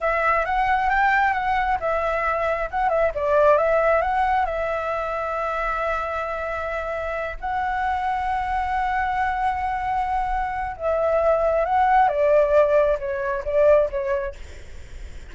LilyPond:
\new Staff \with { instrumentName = "flute" } { \time 4/4 \tempo 4 = 134 e''4 fis''4 g''4 fis''4 | e''2 fis''8 e''8 d''4 | e''4 fis''4 e''2~ | e''1~ |
e''8 fis''2.~ fis''8~ | fis''1 | e''2 fis''4 d''4~ | d''4 cis''4 d''4 cis''4 | }